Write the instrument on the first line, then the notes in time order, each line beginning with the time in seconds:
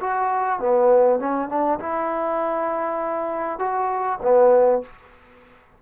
trombone
0.00 F#4
0.59 B3
1.19 C#4
1.49 D4
1.79 E4
3.59 F#4
4.22 B3